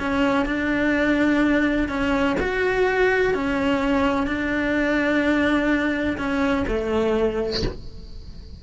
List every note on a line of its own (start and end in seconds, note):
0.00 0.46 C#4
0.46 1.89 D4
1.89 2.36 C#4
2.40 3.34 F#4
3.34 4.27 C#4
4.27 6.18 D4
6.18 6.66 C#4
6.68 7.63 A3